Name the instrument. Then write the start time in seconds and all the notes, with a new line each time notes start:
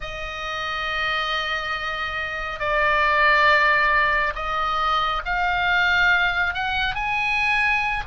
oboe
0.00 D#5
2.59 D5
4.35 D#5
5.25 F5
6.53 F#5
6.94 G#5